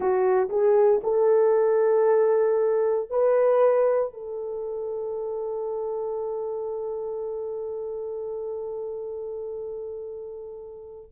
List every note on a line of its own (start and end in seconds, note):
0.00 0.48 F#4
0.49 1.01 G#4
1.03 3.10 A4
3.10 4.13 B4
4.13 11.11 A4